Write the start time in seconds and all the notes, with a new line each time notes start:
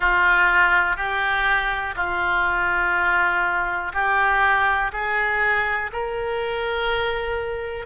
0.00 F4
0.96 G4
1.95 F4
3.93 G4
4.92 G#4
5.92 A#4